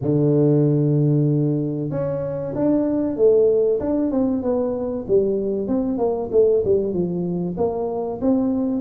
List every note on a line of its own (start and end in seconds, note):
0.01 1.90 D3
1.90 2.53 C#4
2.55 3.16 D4
3.16 3.79 A3
3.80 4.11 D4
4.11 4.42 C4
4.42 5.05 B3
5.07 5.67 G3
5.67 5.98 C4
5.98 6.29 A#3
6.31 6.63 A3
6.64 6.93 G3
6.93 7.56 F3
7.57 8.20 A#3
8.21 8.81 C4